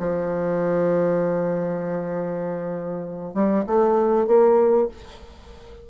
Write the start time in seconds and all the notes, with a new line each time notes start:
0.00 F3
3.35 G3
3.67 A3
4.27 A#3